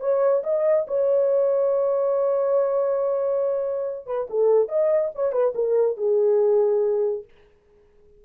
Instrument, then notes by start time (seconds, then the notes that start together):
horn
0.00 C#5
0.43 D#5
0.87 C#5
4.06 B4
4.30 A4
4.68 D#5
5.15 C#5
5.32 B4
5.55 A#4
5.97 G#4